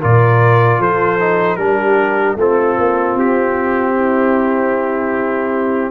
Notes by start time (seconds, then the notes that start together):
0.00 A#2 F4 A#4 D5
0.78 F3 A4 C5
1.19 D#4
1.56 G3 D4 G4 A#4
2.36 A3 C4 F4 A4
2.78 A#3
3.15 C4 G4
3.95 E4